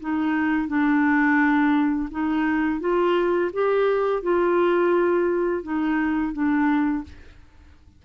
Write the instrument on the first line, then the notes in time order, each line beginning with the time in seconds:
clarinet
0.00 D#4
0.67 D4
2.11 D#4
2.80 F4
3.53 G4
4.23 F4
5.63 D#4
6.33 D4